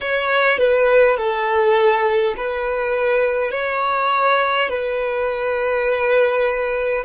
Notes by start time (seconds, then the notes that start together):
0.00 C#5
0.58 B4
1.17 A4
2.36 B4
3.51 C#5
4.68 B4